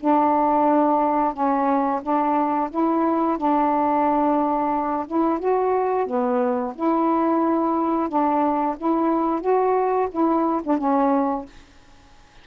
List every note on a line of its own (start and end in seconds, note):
0.00 1.33 D4
1.33 2.01 C#4
2.02 2.69 D4
2.70 3.37 E4
3.37 5.06 D4
5.07 5.39 E4
5.39 6.06 F#4
6.06 6.74 B3
6.75 8.08 E4
8.08 8.76 D4
8.77 9.40 E4
9.40 10.08 F#4
10.11 10.61 E4
10.63 10.78 D4
10.78 11.45 C#4